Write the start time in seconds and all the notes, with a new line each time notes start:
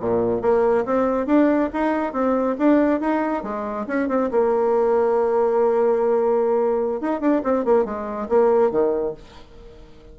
0.00 A#2
0.42 A#3
0.85 C4
1.27 D4
1.73 D#4
2.13 C4
2.59 D4
3.01 D#4
3.43 G#3
3.87 C#4
4.09 C4
4.31 A#3
7.01 D#4
7.21 D4
7.44 C4
7.65 A#3
7.85 G#3
8.29 A#3
8.71 D#3